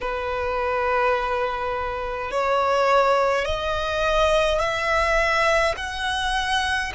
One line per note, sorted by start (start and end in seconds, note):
0.01 2.31 B4
2.31 3.45 C#5
3.45 4.59 D#5
4.59 5.74 E5
5.76 6.92 F#5